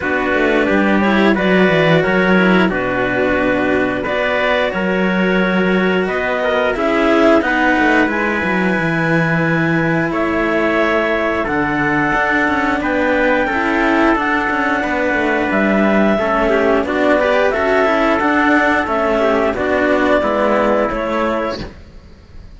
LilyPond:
<<
  \new Staff \with { instrumentName = "clarinet" } { \time 4/4 \tempo 4 = 89 b'4. cis''8 d''4 cis''4 | b'2 d''4 cis''4~ | cis''4 dis''4 e''4 fis''4 | gis''2. e''4~ |
e''4 fis''2 g''4~ | g''4 fis''2 e''4~ | e''4 d''4 e''4 fis''4 | e''4 d''2 cis''4 | }
  \new Staff \with { instrumentName = "trumpet" } { \time 4/4 fis'4 g'4 b'4 ais'4 | fis'2 b'4 ais'4~ | ais'4 b'8 ais'8 gis'4 b'4~ | b'2. cis''4~ |
cis''4 a'2 b'4 | a'2 b'2 | a'8 g'8 fis'8 b'8 a'2~ | a'8 g'8 fis'4 e'2 | }
  \new Staff \with { instrumentName = "cello" } { \time 4/4 d'4. e'8 fis'4. e'8 | d'2 fis'2~ | fis'2 e'4 dis'4 | e'1~ |
e'4 d'2. | e'4 d'2. | cis'4 d'8 g'8 fis'8 e'8 d'4 | cis'4 d'4 b4 a4 | }
  \new Staff \with { instrumentName = "cello" } { \time 4/4 b8 a8 g4 fis8 e8 fis4 | b,2 b4 fis4~ | fis4 b4 cis'4 b8 a8 | gis8 fis8 e2 a4~ |
a4 d4 d'8 cis'8 b4 | cis'4 d'8 cis'8 b8 a8 g4 | a4 b4 cis'4 d'4 | a4 b4 gis4 a4 | }
>>